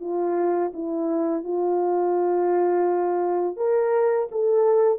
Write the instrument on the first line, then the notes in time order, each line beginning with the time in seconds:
horn
0.00 F4
0.73 E4
1.44 F4
3.56 A#4
4.31 A4